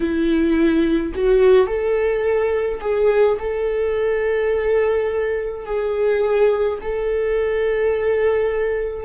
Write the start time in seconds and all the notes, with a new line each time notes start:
0.00 E4
1.14 F#4
1.67 A4
2.80 G#4
3.39 A4
5.66 G#4
6.81 A4